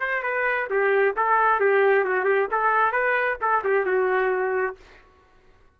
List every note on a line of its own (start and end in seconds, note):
0.00 0.23 C5
0.23 0.68 B4
0.70 1.15 G4
1.16 1.60 A4
1.60 2.04 G4
2.04 2.25 F#4
2.25 2.47 G4
2.51 2.92 A4
2.92 3.37 B4
3.41 3.64 A4
3.64 3.86 G4
3.86 4.76 F#4